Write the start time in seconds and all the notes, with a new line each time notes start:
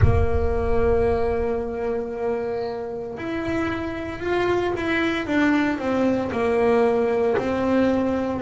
0.02 A#3
3.17 E4
4.19 F4
4.76 E4
5.26 D4
5.78 C4
6.32 A#3
7.37 C4